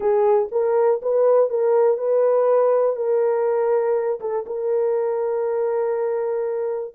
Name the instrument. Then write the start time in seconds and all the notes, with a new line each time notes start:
horn
0.00 G#4
0.51 A#4
1.01 B4
1.49 A#4
1.97 B4
2.96 A#4
4.20 A4
4.46 A#4